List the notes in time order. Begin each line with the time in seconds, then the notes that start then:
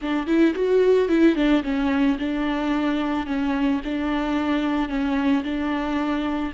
0.01 D4
0.26 E4
0.54 F#4
1.08 E4
1.35 D4
1.63 C#4
2.18 D4
3.26 C#4
3.84 D4
4.88 C#4
5.43 D4